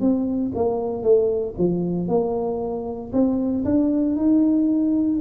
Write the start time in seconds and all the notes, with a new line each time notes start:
0.00 C4
0.54 A#3
1.03 A3
1.58 F3
2.08 A#3
3.12 C4
3.64 D4
4.16 D#4